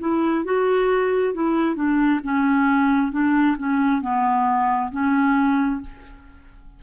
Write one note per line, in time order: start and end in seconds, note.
0.00 0.45 E4
0.45 1.34 F#4
1.34 1.76 E4
1.76 2.21 D4
2.23 3.12 C#4
3.12 3.57 D4
3.58 4.02 C#4
4.02 4.91 B3
4.92 5.81 C#4